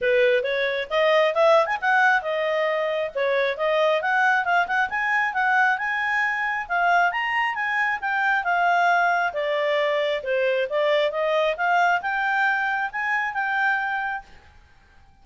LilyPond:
\new Staff \with { instrumentName = "clarinet" } { \time 4/4 \tempo 4 = 135 b'4 cis''4 dis''4 e''8. gis''16 | fis''4 dis''2 cis''4 | dis''4 fis''4 f''8 fis''8 gis''4 | fis''4 gis''2 f''4 |
ais''4 gis''4 g''4 f''4~ | f''4 d''2 c''4 | d''4 dis''4 f''4 g''4~ | g''4 gis''4 g''2 | }